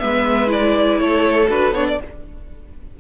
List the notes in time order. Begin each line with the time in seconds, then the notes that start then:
0.00 G#3 B3 B4 E5
0.47 E4 D5
0.99 A3 A4 C#5
1.49 D4 F#4 B4
1.72 B3 D4 C#5
1.88 D5